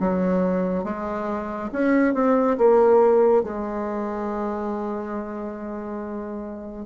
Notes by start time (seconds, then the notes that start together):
0.00 F#3
0.85 G#3
1.73 C#4
2.14 C4
2.58 A#3
3.43 G#3